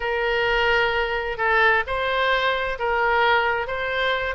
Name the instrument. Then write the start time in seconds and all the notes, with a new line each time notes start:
oboe
0.00 A#4
1.37 A4
1.87 C5
2.78 A#4
3.67 C5